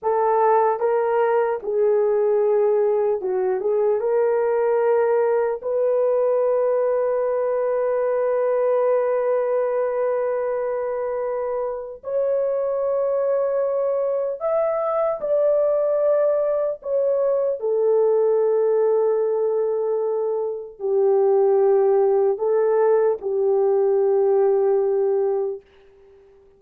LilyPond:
\new Staff \with { instrumentName = "horn" } { \time 4/4 \tempo 4 = 75 a'4 ais'4 gis'2 | fis'8 gis'8 ais'2 b'4~ | b'1~ | b'2. cis''4~ |
cis''2 e''4 d''4~ | d''4 cis''4 a'2~ | a'2 g'2 | a'4 g'2. | }